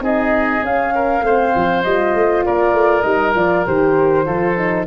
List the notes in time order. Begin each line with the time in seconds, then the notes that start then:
0.00 C4 D#4 G#4 D#5
0.61 C#4 F5
0.94 A#4
1.22 A3 C4 C5
1.55 F3
1.83 G3 F4 D#5
2.14 A3
2.45 A#3 A#4 D5
2.73 A3
3.01 G3 D#4 D#5
3.34 F3 F4 D5
3.65 D#3 G4 C5
4.25 F3 F4 A4
4.57 D#4